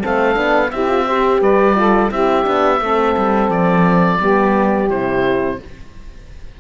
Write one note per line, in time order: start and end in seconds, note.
0.00 0.35 C4
0.00 0.70 A4
0.06 0.37 A3
0.06 0.72 F5
0.35 0.72 B3
0.35 0.70 D4
0.72 1.41 C4
0.72 0.89 E4
0.72 1.04 G4
0.72 1.41 E5
0.89 1.06 F4
1.04 1.75 G4
1.04 1.39 C5
1.41 2.11 G3
1.41 1.76 B4
1.41 2.12 D5
1.75 2.10 F4
1.75 2.12 A4
2.11 2.46 C4
2.11 2.44 E4
2.11 2.82 G4
2.11 3.51 E5
2.44 2.81 B3
2.44 2.79 D4
2.81 3.16 A3
2.81 4.21 C4
2.81 4.21 A4
3.17 3.49 G3
3.49 4.19 F3
3.49 4.90 D5
4.21 4.90 G3
4.21 4.90 B3
4.21 5.60 G4
4.90 5.60 C3
4.90 5.60 E4
4.90 5.60 C5